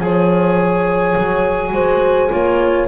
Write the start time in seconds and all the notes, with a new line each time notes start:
0.00 F3 G#4 C#5 G#5
1.18 F#3
1.72 G#3 F#4 C5
2.30 A#3 F4 C#5